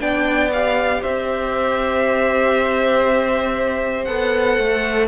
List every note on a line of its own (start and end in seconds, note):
0.00 1.03 B3
0.00 0.51 D4
0.00 1.02 D5
0.00 0.51 G5
0.53 4.07 G4
0.53 1.03 F5
1.02 4.08 C4
1.02 5.08 C5
1.02 4.05 E5
4.05 4.58 B3
4.05 5.08 A4
4.05 5.07 F#5
4.59 5.08 A3